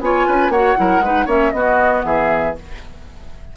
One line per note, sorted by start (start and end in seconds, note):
0.00 0.25 B3
0.00 0.52 F4
0.00 0.27 C#5
0.00 0.51 G#5
0.27 0.49 C#4
0.27 0.51 B4
0.49 0.74 A#3
0.49 0.76 F#4
0.49 0.77 C#5
0.49 1.27 F#5
0.76 0.99 F#3
0.76 1.01 E4
0.76 1.04 A#4
0.99 1.25 G#3
0.99 1.27 D#4
0.99 1.25 B4
1.25 1.52 A#3
1.25 1.52 C#4
1.25 1.51 C#5
1.25 1.51 E5
1.51 2.03 B3
1.51 2.55 B3
1.51 2.05 F#4
1.51 2.02 D#5
2.04 2.55 E3
2.04 2.56 G#4
2.04 2.55 E5